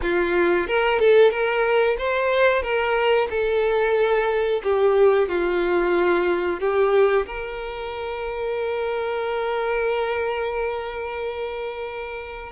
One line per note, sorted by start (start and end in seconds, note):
0.02 0.67 F4
0.67 0.99 A#4
0.99 1.30 A4
1.30 1.96 A#4
1.98 2.62 C5
2.62 3.28 A#4
3.30 4.62 A4
4.63 5.28 G4
5.28 6.60 F4
6.60 7.26 G4
7.26 12.52 A#4